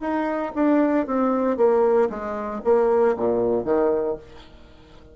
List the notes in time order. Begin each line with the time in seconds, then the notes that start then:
0.00 D#4
0.55 D4
1.07 C4
1.57 A#3
2.09 G#3
2.64 A#3
3.16 A#2
3.64 D#3